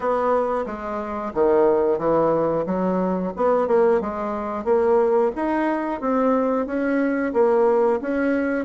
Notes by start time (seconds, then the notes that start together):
0.00 B3
0.65 G#3
1.34 D#3
1.98 E3
2.66 F#3
3.36 B3
3.67 A#3
4.01 G#3
4.64 A#3
5.35 D#4
6.01 C4
6.66 C#4
7.33 A#3
8.01 C#4